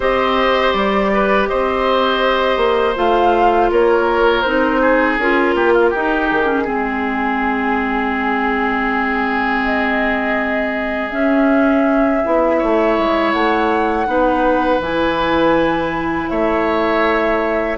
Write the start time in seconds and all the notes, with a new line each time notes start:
0.00 C4 G4 C5 D#5
0.72 G3 D5
1.13 B4
1.47 C4 C5 D#5
2.56 A#3
2.95 A3 F4 F5
3.70 A#3 A#4 C#5
4.42 C4 D#4 C5
4.81 G#4
5.18 C#4 F4 A#4
5.54 A#3 G4
5.73 F4
5.89 D#4 G4
6.28 D#3 G#4
6.45 C#4
6.64 G#3 C4 G#4
9.64 D#5
11.09 C#4 E5
12.24 B3 E4
12.58 A3 C#5
12.98 G#3
13.31 A3 F#5
14.06 B3 D#4 B4
14.79 E3 E4 G#5
16.29 A3 C#5 E5